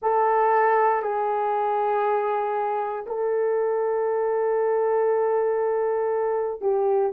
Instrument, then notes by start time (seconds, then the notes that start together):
horn
0.01 A4
1.02 G#4
3.06 A4
6.61 G4